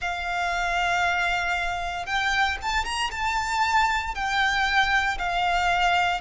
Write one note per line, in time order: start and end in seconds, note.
0.01 2.05 F5
2.05 2.57 G5
2.61 2.84 A5
2.84 3.10 A#5
3.11 4.14 A5
4.14 5.18 G5
5.18 6.21 F5